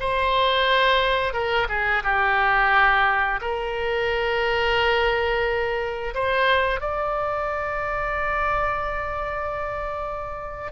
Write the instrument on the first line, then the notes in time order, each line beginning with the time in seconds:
oboe
0.00 C5
1.33 A#4
1.69 G#4
2.04 G4
3.41 A#4
6.15 C5
6.80 D5